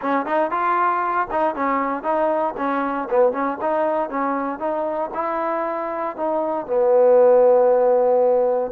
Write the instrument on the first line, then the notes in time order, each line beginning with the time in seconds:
trombone
0.01 C#4
0.26 D#4
0.50 F4
1.30 D#4
1.55 C#4
2.03 D#4
2.57 C#4
3.10 B3
3.32 C#4
3.61 D#4
4.09 C#4
4.59 D#4
5.14 E4
6.16 D#4
6.66 B3